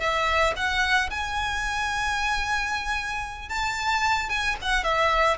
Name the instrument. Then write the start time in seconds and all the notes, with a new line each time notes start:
violin
0.00 E5
0.56 F#5
1.11 G#5
3.49 A5
4.30 G#5
4.62 F#5
4.84 E5